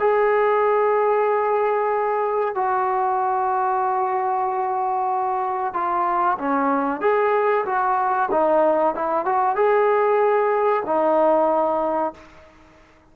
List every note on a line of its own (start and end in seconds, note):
0.00 2.55 G#4
2.55 5.74 F#4
5.74 6.38 F4
6.39 7.01 C#4
7.01 7.65 G#4
7.66 8.30 F#4
8.32 8.95 D#4
8.95 9.26 E4
9.26 9.56 F#4
9.56 10.84 G#4
10.86 12.14 D#4